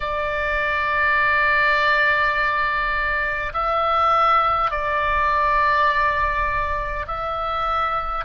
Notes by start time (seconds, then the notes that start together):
0.00 D5
3.53 E5
4.71 D5
7.07 E5